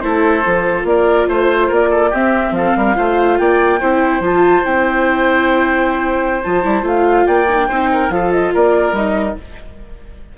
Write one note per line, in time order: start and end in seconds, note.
0.00 0.44 A3
0.00 0.44 E4
0.00 0.87 A4
0.00 0.84 C5
0.45 0.84 F3
0.45 2.12 F4
0.84 1.26 A#3
0.84 1.28 A#4
0.84 1.29 D5
1.28 1.70 A3
1.28 1.67 C5
1.28 1.74 C5
1.67 2.13 A#3
1.67 1.88 A#4
1.74 2.15 D5
1.90 2.10 A4
2.10 2.51 C4
2.10 2.95 C4
2.10 2.52 G4
2.10 2.54 E5
2.51 2.72 F3
2.51 2.77 A4
2.51 3.38 F5
2.76 2.97 G3
2.76 2.96 A#4
2.95 3.39 A3
2.95 3.79 F4
2.95 3.38 C5
3.38 3.81 A#3
3.38 3.80 D5
3.38 4.22 G5
3.80 4.20 C4
3.80 4.22 E4
3.80 7.26 C5
4.20 4.62 F3
4.20 4.64 F4
4.20 4.65 A5
4.64 6.44 C4
4.64 6.42 E4
4.64 6.43 G5
6.43 6.65 F3
6.43 6.63 F4
6.43 6.85 A5
6.63 6.83 G3
6.63 6.83 E4
6.83 7.25 A3
6.83 7.46 F4
6.83 7.27 F5
7.27 7.69 A#3
7.27 7.68 D5
7.27 8.11 G5
7.49 7.58 D#4
7.58 7.69 D4
7.68 8.10 C4
7.68 8.11 D#4
7.68 7.89 C5
7.93 8.13 A#4
8.10 8.52 F3
8.10 8.95 F4
8.10 8.53 A4
8.10 8.32 F5
8.32 8.53 D#5
8.53 8.92 A#3
8.53 9.37 A#4
8.53 8.96 D5
8.92 9.34 G3
8.92 9.37 D#4
8.92 9.38 D#5